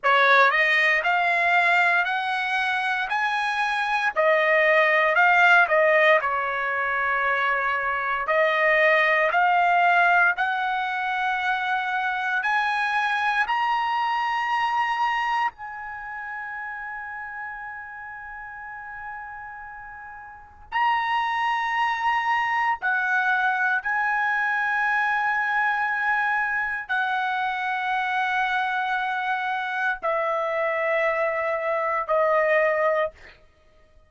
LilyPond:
\new Staff \with { instrumentName = "trumpet" } { \time 4/4 \tempo 4 = 58 cis''8 dis''8 f''4 fis''4 gis''4 | dis''4 f''8 dis''8 cis''2 | dis''4 f''4 fis''2 | gis''4 ais''2 gis''4~ |
gis''1 | ais''2 fis''4 gis''4~ | gis''2 fis''2~ | fis''4 e''2 dis''4 | }